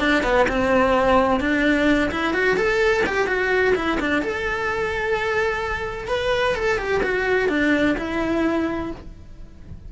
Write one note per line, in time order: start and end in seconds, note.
0.00 0.23 D4
0.23 0.47 B3
0.49 1.40 C4
1.40 2.11 D4
2.11 2.34 E4
2.34 2.57 F#4
2.57 3.04 A4
3.07 3.27 G4
3.27 3.74 F#4
3.76 3.99 E4
4.00 4.22 D4
4.22 6.08 A4
6.08 6.55 B4
6.56 6.78 A4
6.78 7.01 G4
7.03 7.49 F#4
7.49 7.96 D4
7.98 8.91 E4